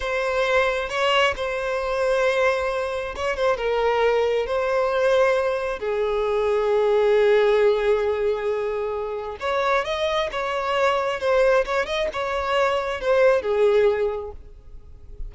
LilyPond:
\new Staff \with { instrumentName = "violin" } { \time 4/4 \tempo 4 = 134 c''2 cis''4 c''4~ | c''2. cis''8 c''8 | ais'2 c''2~ | c''4 gis'2.~ |
gis'1~ | gis'4 cis''4 dis''4 cis''4~ | cis''4 c''4 cis''8 dis''8 cis''4~ | cis''4 c''4 gis'2 | }